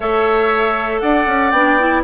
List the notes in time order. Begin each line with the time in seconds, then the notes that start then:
0.00 A3 A4 C#5 E5
0.99 D4 D5 F#5
1.26 C#4
1.50 B3 D4 G5
1.79 E4